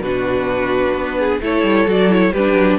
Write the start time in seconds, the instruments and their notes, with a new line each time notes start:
0.00 cello B2, viola D4, violin F#4 B4
0.94 cello B3
1.19 violin G#4
1.41 cello A3, viola E4, violin A4 C#5
1.63 cello G3
1.87 cello F#3, viola F#4, violin D5
2.10 viola E4, violin C#5
2.33 cello G3, viola D4, violin G4 B4
2.54 cello F#3